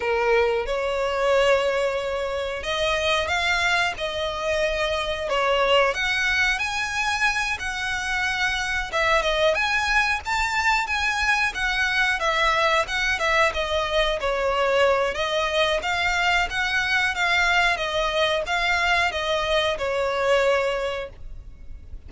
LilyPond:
\new Staff \with { instrumentName = "violin" } { \time 4/4 \tempo 4 = 91 ais'4 cis''2. | dis''4 f''4 dis''2 | cis''4 fis''4 gis''4. fis''8~ | fis''4. e''8 dis''8 gis''4 a''8~ |
a''8 gis''4 fis''4 e''4 fis''8 | e''8 dis''4 cis''4. dis''4 | f''4 fis''4 f''4 dis''4 | f''4 dis''4 cis''2 | }